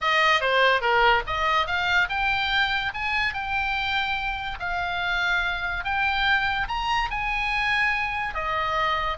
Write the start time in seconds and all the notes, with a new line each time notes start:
0.01 D#5
0.40 C5
0.81 A#4
1.26 D#5
1.66 F5
2.09 G5
2.93 G#5
3.33 G5
4.59 F5
5.84 G5
6.68 A#5
7.10 G#5
8.34 D#5